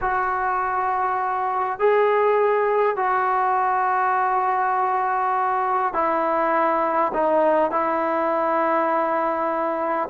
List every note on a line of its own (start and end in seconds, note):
0.01 1.79 F#4
1.79 2.96 G#4
2.96 5.93 F#4
5.93 7.12 E4
7.13 7.71 D#4
7.71 10.08 E4